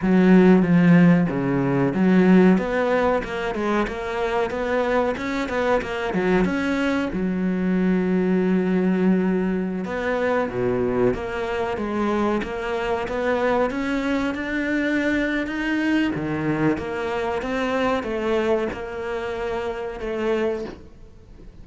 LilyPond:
\new Staff \with { instrumentName = "cello" } { \time 4/4 \tempo 4 = 93 fis4 f4 cis4 fis4 | b4 ais8 gis8 ais4 b4 | cis'8 b8 ais8 fis8 cis'4 fis4~ | fis2.~ fis16 b8.~ |
b16 b,4 ais4 gis4 ais8.~ | ais16 b4 cis'4 d'4.~ d'16 | dis'4 dis4 ais4 c'4 | a4 ais2 a4 | }